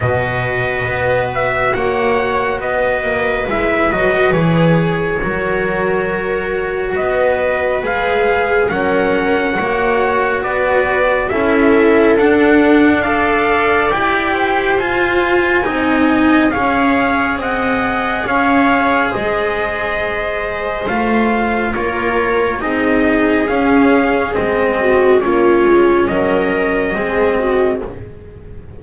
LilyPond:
<<
  \new Staff \with { instrumentName = "trumpet" } { \time 4/4 \tempo 4 = 69 dis''4. e''8 fis''4 dis''4 | e''8 dis''8 cis''2. | dis''4 f''4 fis''2 | d''4 e''4 fis''4 f''4 |
g''4 gis''2 f''4 | fis''4 f''4 dis''2 | f''4 cis''4 dis''4 f''4 | dis''4 cis''4 dis''2 | }
  \new Staff \with { instrumentName = "viola" } { \time 4/4 b'2 cis''4 b'4~ | b'2 ais'2 | b'2 ais'4 cis''4 | b'4 a'2 d''4~ |
d''8 c''4. dis''4 cis''4 | dis''4 cis''4 c''2~ | c''4 ais'4 gis'2~ | gis'8 fis'8 f'4 ais'4 gis'8 fis'8 | }
  \new Staff \with { instrumentName = "cello" } { \time 4/4 fis'1 | e'8 fis'8 gis'4 fis'2~ | fis'4 gis'4 cis'4 fis'4~ | fis'4 e'4 d'4 a'4 |
g'4 f'4 dis'4 gis'4~ | gis'1 | f'2 dis'4 cis'4 | c'4 cis'2 c'4 | }
  \new Staff \with { instrumentName = "double bass" } { \time 4/4 b,4 b4 ais4 b8 ais8 | gis8 fis8 e4 fis2 | b4 gis4 fis4 ais4 | b4 cis'4 d'2 |
e'4 f'4 c'4 cis'4 | c'4 cis'4 gis2 | a4 ais4 c'4 cis'4 | gis4 ais8 gis8 fis4 gis4 | }
>>